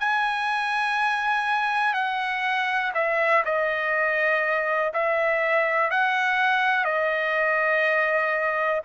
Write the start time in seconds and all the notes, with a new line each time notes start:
0.00 G#5
1.94 F#5
2.94 E5
3.45 D#5
4.94 E5
5.91 F#5
6.85 D#5